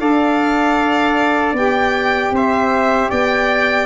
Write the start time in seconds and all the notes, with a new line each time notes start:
0.00 D4 A4 D5 F5
1.53 B3 G4 G5
2.32 C4 C5 E5
3.10 B3 D5 G5